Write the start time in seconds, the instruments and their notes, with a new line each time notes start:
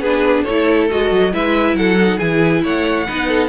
0.00 cello B3, viola D4, violin G#4 B4
0.44 cello A3, violin A4 C#5
0.50 viola E4
0.90 cello G#3, viola F#4, violin D#5
1.12 cello F#3
1.33 cello G#3, viola E4, violin B4 E5
1.74 cello F#3, violin A4 F#5
2.01 viola D#4
2.18 cello E3, viola E4, violin G#4 G#5
2.63 cello A3, violin C#5 F#5
3.08 cello B3, viola D#4, violin B4
3.29 violin A4